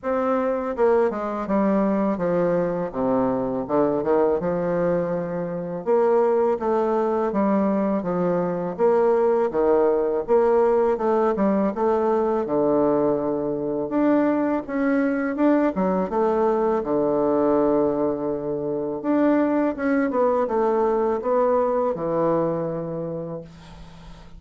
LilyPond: \new Staff \with { instrumentName = "bassoon" } { \time 4/4 \tempo 4 = 82 c'4 ais8 gis8 g4 f4 | c4 d8 dis8 f2 | ais4 a4 g4 f4 | ais4 dis4 ais4 a8 g8 |
a4 d2 d'4 | cis'4 d'8 fis8 a4 d4~ | d2 d'4 cis'8 b8 | a4 b4 e2 | }